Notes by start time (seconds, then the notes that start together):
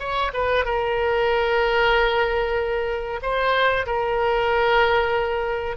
0.00 C#5
0.34 B4
0.65 A#4
3.23 C5
3.87 A#4